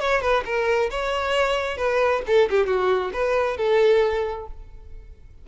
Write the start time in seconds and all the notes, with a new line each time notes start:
0.00 C#5
0.21 B4
0.45 A#4
0.90 C#5
1.77 B4
2.27 A4
2.50 G4
2.66 F#4
3.13 B4
3.57 A4